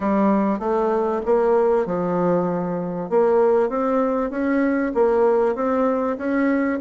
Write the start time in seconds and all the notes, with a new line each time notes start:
0.00 G3
0.59 A3
1.25 A#3
1.86 F3
3.09 A#3
3.69 C4
4.30 C#4
4.94 A#3
5.55 C4
6.17 C#4